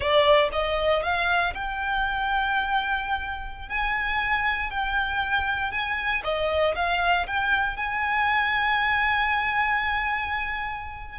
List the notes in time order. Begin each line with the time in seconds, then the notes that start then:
0.00 D5
0.52 D#5
1.02 F5
1.54 G5
3.68 G#5
4.70 G5
5.71 G#5
6.24 D#5
6.75 F5
7.27 G5
7.76 G#5